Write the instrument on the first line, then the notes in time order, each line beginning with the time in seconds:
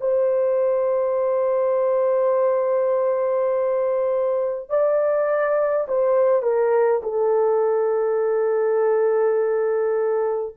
horn
0.00 C5
4.70 D5
5.88 C5
6.42 A#4
7.03 A4